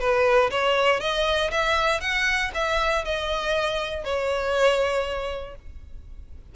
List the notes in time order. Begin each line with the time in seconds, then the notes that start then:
0.00 B4
0.51 C#5
1.00 D#5
1.51 E5
2.01 F#5
2.54 E5
3.05 D#5
4.04 C#5